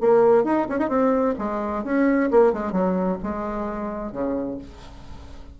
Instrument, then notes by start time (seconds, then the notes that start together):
bassoon
0.00 A#3
0.44 D#4
0.69 C#4
0.79 D#4
0.88 C4
1.38 G#3
1.84 C#4
2.31 A#3
2.53 G#3
2.72 F#3
3.22 G#3
4.12 C#3